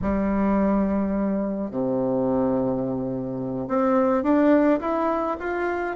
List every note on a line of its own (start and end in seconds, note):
0.01 1.70 G3
1.70 3.68 C3
3.68 4.23 C4
4.23 4.79 D4
4.80 5.36 E4
5.39 5.96 F4